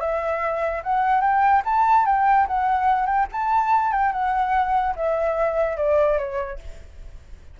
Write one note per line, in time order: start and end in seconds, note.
0.00 0.82 E5
0.83 1.21 F#5
1.21 1.62 G5
1.65 2.05 A5
2.05 2.47 G5
2.47 3.06 F#5
3.06 3.26 G5
3.32 3.92 A5
3.92 4.12 G5
4.12 4.94 F#5
4.95 5.77 E5
5.77 6.18 D5
6.18 6.59 C#5